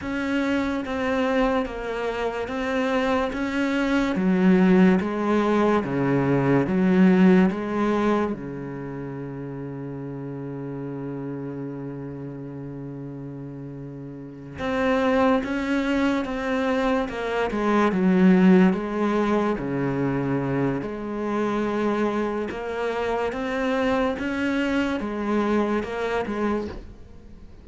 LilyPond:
\new Staff \with { instrumentName = "cello" } { \time 4/4 \tempo 4 = 72 cis'4 c'4 ais4 c'4 | cis'4 fis4 gis4 cis4 | fis4 gis4 cis2~ | cis1~ |
cis4. c'4 cis'4 c'8~ | c'8 ais8 gis8 fis4 gis4 cis8~ | cis4 gis2 ais4 | c'4 cis'4 gis4 ais8 gis8 | }